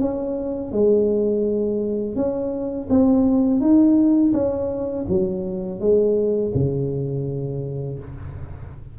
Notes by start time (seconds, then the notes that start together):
0.00 C#4
0.72 G#3
2.16 C#4
2.90 C4
3.60 D#4
4.33 C#4
5.09 F#3
5.80 G#3
6.55 C#3